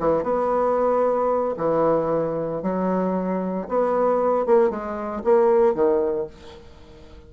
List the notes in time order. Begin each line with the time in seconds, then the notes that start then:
0.00 E3
0.24 B3
1.57 E3
2.63 F#3
3.69 B3
4.46 A#3
4.70 G#3
5.24 A#3
5.75 D#3